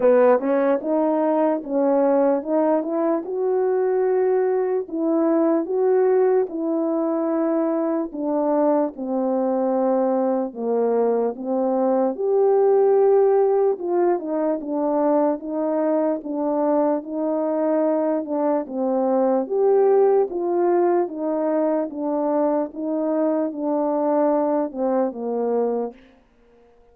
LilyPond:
\new Staff \with { instrumentName = "horn" } { \time 4/4 \tempo 4 = 74 b8 cis'8 dis'4 cis'4 dis'8 e'8 | fis'2 e'4 fis'4 | e'2 d'4 c'4~ | c'4 ais4 c'4 g'4~ |
g'4 f'8 dis'8 d'4 dis'4 | d'4 dis'4. d'8 c'4 | g'4 f'4 dis'4 d'4 | dis'4 d'4. c'8 ais4 | }